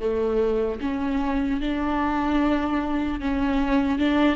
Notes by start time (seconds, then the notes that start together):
0.00 A3
0.81 C#4
1.61 D4
3.20 C#4
3.99 D4